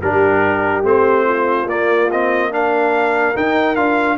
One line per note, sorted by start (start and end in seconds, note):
0.00 0.83 G3
0.00 0.83 D4
0.00 1.24 G4
0.00 0.84 A#4
0.83 1.65 A3
0.83 1.67 C4
0.83 1.68 C5
1.24 2.49 F4
1.65 3.32 A#3
1.65 2.10 A#3
1.65 2.10 D5
2.11 2.51 C4
2.11 2.52 D#5
2.51 3.34 D4
2.51 4.17 A#4
2.51 3.36 F5
3.35 3.76 D#4
3.35 3.75 G5
3.75 4.17 D4
3.75 4.17 F4
3.75 4.17 F5